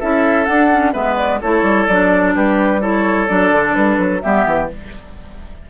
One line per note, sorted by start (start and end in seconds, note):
0.00 0.48 C#4
0.00 0.46 E4
0.00 0.93 A4
0.00 0.46 E5
0.46 0.70 D4
0.46 0.95 D4
0.46 0.92 F#5
0.72 0.93 C#4
0.93 1.42 G#3
0.93 1.40 B3
0.93 1.40 B4
0.93 1.17 E5
1.17 1.40 D5
1.41 1.63 A3
1.41 1.90 E4
1.41 2.35 A4
1.41 1.87 C#5
1.63 1.86 G3
1.87 2.35 F#3
1.87 2.81 D4
1.87 2.34 D5
2.35 3.29 G3
2.35 2.81 G4
2.35 2.82 B4
2.81 3.28 E4
2.81 4.22 A4
2.81 3.28 C#5
3.28 3.52 F#3
3.28 4.22 D4
3.28 3.75 D5
3.52 3.75 D3
3.75 3.98 G3
3.75 4.21 B4
3.98 4.22 F#3
4.21 4.46 G3
4.21 4.69 B3
4.21 4.71 G4
4.21 4.68 E5
4.46 4.69 E3